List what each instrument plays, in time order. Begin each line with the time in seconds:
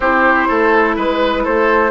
0.00 bassoon C4, clarinet E4, oboe G4, flute C5
0.48 bassoon A3, oboe A4
0.96 bassoon G#3, oboe B4, flute B4
1.43 bassoon A3, oboe A4, flute C5